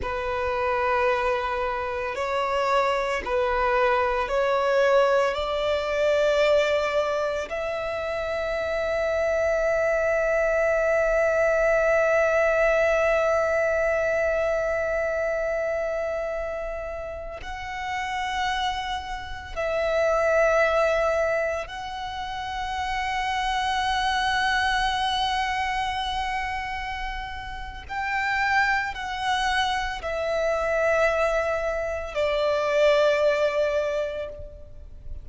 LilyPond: \new Staff \with { instrumentName = "violin" } { \time 4/4 \tempo 4 = 56 b'2 cis''4 b'4 | cis''4 d''2 e''4~ | e''1~ | e''1~ |
e''16 fis''2 e''4.~ e''16~ | e''16 fis''2.~ fis''8.~ | fis''2 g''4 fis''4 | e''2 d''2 | }